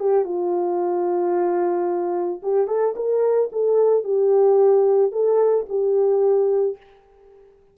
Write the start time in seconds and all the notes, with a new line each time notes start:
0.00 G4
0.25 F4
2.43 G4
2.68 A4
2.96 A#4
3.52 A4
4.04 G4
5.12 A4
5.69 G4